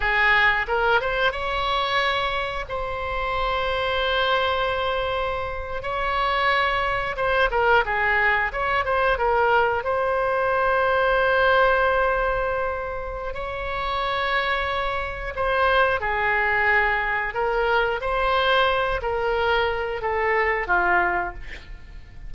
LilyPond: \new Staff \with { instrumentName = "oboe" } { \time 4/4 \tempo 4 = 90 gis'4 ais'8 c''8 cis''2 | c''1~ | c''8. cis''2 c''8 ais'8 gis'16~ | gis'8. cis''8 c''8 ais'4 c''4~ c''16~ |
c''1 | cis''2. c''4 | gis'2 ais'4 c''4~ | c''8 ais'4. a'4 f'4 | }